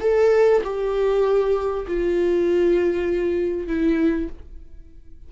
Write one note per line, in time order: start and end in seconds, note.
0.00 0.61 A4
0.63 1.86 G4
1.87 3.67 F4
3.67 4.28 E4